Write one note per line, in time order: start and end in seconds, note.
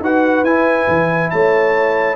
0.00 0.43 D#4
0.00 0.46 F#4
0.00 1.32 B4
0.00 0.44 F#5
0.43 0.86 E4
0.43 2.16 E4
0.43 1.30 G#5
0.88 1.31 E3
1.30 2.16 A3
1.30 2.16 C#5
1.30 2.16 A5